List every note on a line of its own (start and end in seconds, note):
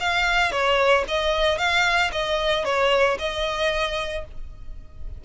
0.00 0.51 F5
0.51 1.05 C#5
1.08 1.58 D#5
1.58 2.11 F5
2.12 2.65 D#5
2.65 3.18 C#5
3.19 4.25 D#5